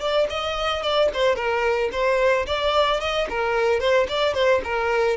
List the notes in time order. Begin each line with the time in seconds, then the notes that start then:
0.00 D5
0.29 D#5
0.82 D5
1.14 C5
1.35 A#4
1.92 C5
2.46 D5
3.00 D#5
3.29 A#4
3.80 C5
4.08 D5
4.34 C5
4.64 A#4